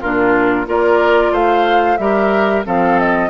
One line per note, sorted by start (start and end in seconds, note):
0.00 0.68 A#2
0.00 0.66 D4
0.00 0.66 F4
0.00 0.67 A#4
0.66 1.32 A#3
0.66 1.98 F4
0.66 1.32 A#4
0.66 1.35 D5
1.32 1.98 A3
1.32 1.98 C5
1.32 1.97 F5
1.97 2.65 G3
1.97 2.65 G4
1.97 2.66 A#4
1.97 2.63 E5
2.65 3.30 F3
2.65 3.30 C4
2.65 3.30 A4
2.65 2.99 F5
2.99 3.30 D#5